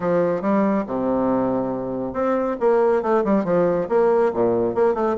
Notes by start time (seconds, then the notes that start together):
0.00 F3
0.41 G3
0.87 C3
2.13 C4
2.60 A#3
3.02 A3
3.24 G3
3.44 F3
3.88 A#3
4.33 A#2
4.75 A#3
4.94 A3